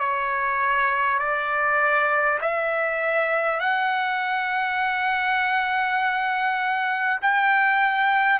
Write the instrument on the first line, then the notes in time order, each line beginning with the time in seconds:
trumpet
0.00 C#5
1.19 D5
2.42 E5
3.61 F#5
7.22 G5